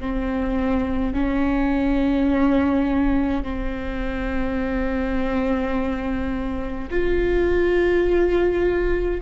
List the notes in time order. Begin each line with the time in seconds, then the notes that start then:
0.00 C4
1.14 C#4
3.44 C4
6.91 F4